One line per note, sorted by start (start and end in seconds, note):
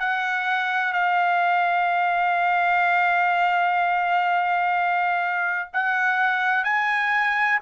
0.00 0.94 F#5
0.94 5.70 F5
5.74 6.65 F#5
6.65 7.60 G#5